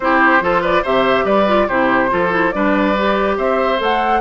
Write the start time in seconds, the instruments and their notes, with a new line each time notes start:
0.00 bassoon C4, clarinet E4, oboe G4, flute C5
0.40 bassoon F3, clarinet F4, oboe A4
0.61 oboe B4, flute D5
0.82 bassoon C3, clarinet G4, oboe C5, flute E5
1.24 bassoon G3, oboe B4, flute D5
1.46 clarinet F4
1.68 bassoon C3, clarinet E4, oboe G4, flute C5
2.09 bassoon F3, clarinet F4, oboe A4
2.31 clarinet E4
2.50 bassoon G3, clarinet D4, oboe B4, flute D5
2.96 clarinet G4
3.37 bassoon C4, oboe C5, flute E5
3.77 bassoon A3, clarinet A4, flute F#5